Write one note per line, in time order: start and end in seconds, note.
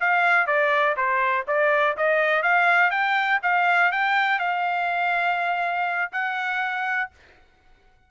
0.00 0.47 F5
0.47 0.96 D5
0.96 1.46 C5
1.47 1.96 D5
1.97 2.43 D#5
2.43 2.91 F5
2.91 3.40 G5
3.42 3.91 F5
3.92 4.39 G5
4.39 6.11 F5
6.12 7.11 F#5